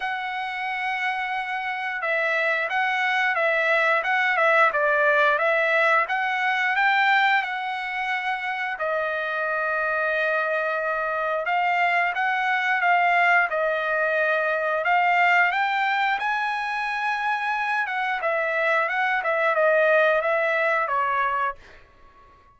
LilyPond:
\new Staff \with { instrumentName = "trumpet" } { \time 4/4 \tempo 4 = 89 fis''2. e''4 | fis''4 e''4 fis''8 e''8 d''4 | e''4 fis''4 g''4 fis''4~ | fis''4 dis''2.~ |
dis''4 f''4 fis''4 f''4 | dis''2 f''4 g''4 | gis''2~ gis''8 fis''8 e''4 | fis''8 e''8 dis''4 e''4 cis''4 | }